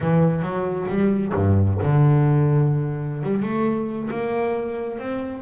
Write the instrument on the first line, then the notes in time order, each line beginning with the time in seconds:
double bass
0.00 E3
0.42 F#3
0.88 G3
1.34 G2
1.82 D3
3.23 G3
3.42 A3
4.10 A#3
4.98 C4